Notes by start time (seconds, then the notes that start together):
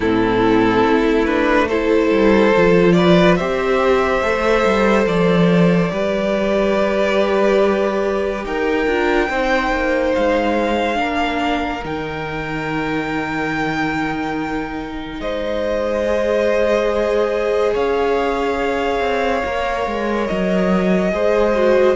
0.00 A2 C4 E4 A4
0.87 A3
1.25 D4 B4
1.68 E4 A4 C5
2.10 G3
2.55 F3 F4
2.92 B4 D5
3.36 C4 G4 C5 E5
4.21 A3 A4
4.65 G3
5.05 F3 D5
5.89 G3 G4 B4
8.44 D#4 A#4 G5
8.86 D4 F4
9.29 C4 D#4 C5
9.71 A#3
10.14 G#3 F5
10.94 A#3 D4 A#4
11.84 D#3 D#4 G5
15.19 G#3 C5 D#5
16.05 G#4
17.73 C#4 C#5 F5
19.00 C4
19.45 A#3 A#4
19.86 G#3
20.26 F#3 D#5
21.11 G#3 G#4 C5
21.55 F#4